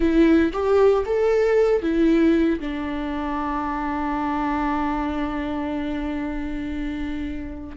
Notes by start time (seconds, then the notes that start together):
0.00 E4
0.52 G4
1.05 A4
1.82 E4
2.60 D4